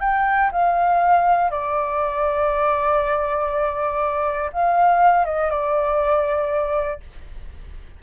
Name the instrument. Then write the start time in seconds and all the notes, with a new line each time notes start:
flute
0.00 G5
0.51 F5
1.50 D5
4.52 F5
5.25 D#5
5.50 D5